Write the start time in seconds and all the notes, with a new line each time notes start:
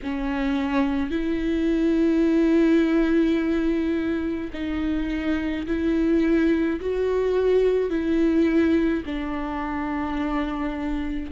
0.03 C#4
1.10 E4
4.53 D#4
5.67 E4
6.80 F#4
7.89 E4
9.05 D4